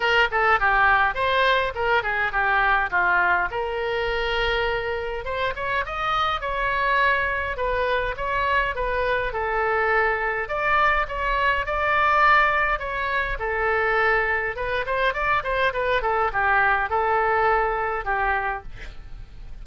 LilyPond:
\new Staff \with { instrumentName = "oboe" } { \time 4/4 \tempo 4 = 103 ais'8 a'8 g'4 c''4 ais'8 gis'8 | g'4 f'4 ais'2~ | ais'4 c''8 cis''8 dis''4 cis''4~ | cis''4 b'4 cis''4 b'4 |
a'2 d''4 cis''4 | d''2 cis''4 a'4~ | a'4 b'8 c''8 d''8 c''8 b'8 a'8 | g'4 a'2 g'4 | }